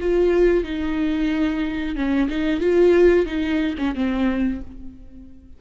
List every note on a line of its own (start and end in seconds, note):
0.00 0.64 F4
0.64 1.95 D#4
1.95 2.28 C#4
2.29 2.60 D#4
2.60 3.26 F4
3.26 3.75 D#4
3.78 3.95 C#4
3.95 4.61 C4